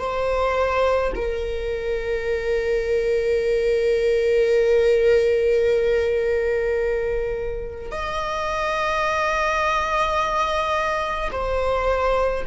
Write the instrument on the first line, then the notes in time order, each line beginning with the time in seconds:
viola
0.00 C5
1.16 A#4
7.92 D#5
11.32 C5